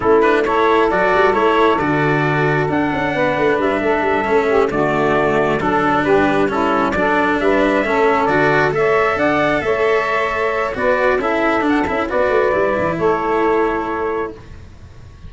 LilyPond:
<<
  \new Staff \with { instrumentName = "trumpet" } { \time 4/4 \tempo 4 = 134 a'8 b'8 cis''4 d''4 cis''4 | d''2 fis''2 | e''2~ e''8 d''4.~ | d''8 a'4 b'4 a'4 d''8~ |
d''8 e''2 d''4 e''8~ | e''8 fis''4 e''2~ e''8 | d''4 e''4 fis''8 e''8 d''4~ | d''4 cis''2. | }
  \new Staff \with { instrumentName = "saxophone" } { \time 4/4 e'4 a'2.~ | a'2. b'4~ | b'8 a'4. g'8 fis'4.~ | fis'8 a'4 g'4 e'4 a'8~ |
a'8 b'4 a'2 cis''8~ | cis''8 d''4 cis''2~ cis''8 | b'4 a'2 b'4~ | b'4 a'2. | }
  \new Staff \with { instrumentName = "cello" } { \time 4/4 cis'8 d'8 e'4 fis'4 e'4 | fis'2 d'2~ | d'4. cis'4 a4.~ | a8 d'2 cis'4 d'8~ |
d'4. cis'4 fis'4 a'8~ | a'1 | fis'4 e'4 d'8 e'8 fis'4 | e'1 | }
  \new Staff \with { instrumentName = "tuba" } { \time 4/4 a2 fis8 g8 a4 | d2 d'8 cis'8 b8 a8 | g8 a8 g8 a4 d4.~ | d8 fis4 g2 fis8~ |
fis8 g4 a4 d4 a8~ | a8 d'4 a2~ a8 | b4 cis'4 d'8 cis'8 b8 a8 | g8 e8 a2. | }
>>